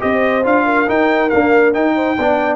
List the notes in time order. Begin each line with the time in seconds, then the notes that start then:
0.00 C4 G4 C5 D#5
0.44 D4 F4 F5
0.65 A#4
0.88 D#4 G5
1.30 A#3 D4 F5
1.74 D#4 G5
1.96 C5
2.18 B3 D4 D5